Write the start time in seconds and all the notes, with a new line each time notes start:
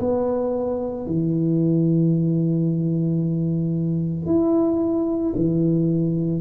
0.00 B3
1.06 E3
4.26 E4
5.36 E3